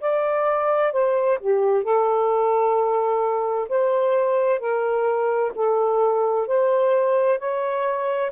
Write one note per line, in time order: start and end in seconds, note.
0.00 0.92 D5
0.92 1.38 C5
1.40 1.83 G4
1.83 3.68 A4
3.69 4.60 C5
4.60 5.52 A#4
5.55 6.47 A4
6.47 7.39 C5
7.39 8.31 C#5